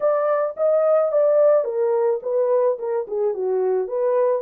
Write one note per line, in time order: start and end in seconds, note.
0.00 0.55 D5
0.56 1.12 D#5
1.12 1.64 D5
1.64 2.20 A#4
2.22 2.78 B4
2.78 3.06 A#4
3.07 3.34 G#4
3.34 3.87 F#4
3.87 4.42 B4